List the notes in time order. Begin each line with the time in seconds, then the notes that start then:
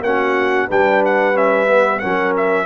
0.00 A#3 C#4 F#4 F#5
0.67 G3 D4 B4 G5
1.05 F#5
1.33 C#4 E5
1.68 B3
1.99 F#3 C#4 A#4 F#5
2.36 E5